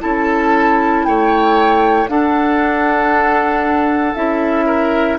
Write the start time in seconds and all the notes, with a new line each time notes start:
0.00 C#4 E4 A4 A5
1.05 A3 C#5 G5
2.07 D4 A4 F#5
4.15 C#4 E4 E5
4.66 A#4